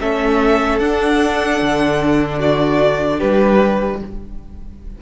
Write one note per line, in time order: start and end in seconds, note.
0.00 0.79 A3
0.00 0.80 C#4
0.00 2.38 A4
0.00 0.78 E5
0.78 1.59 D4
0.78 4.00 D4
0.78 2.38 F#5
1.61 3.21 D3
2.38 3.18 F#4
2.38 3.20 D5
3.18 4.02 G3
3.18 3.98 G4
3.18 4.00 B4